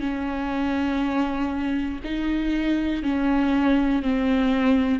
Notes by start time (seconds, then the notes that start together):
0.00 C#4
2.04 D#4
3.03 C#4
4.03 C4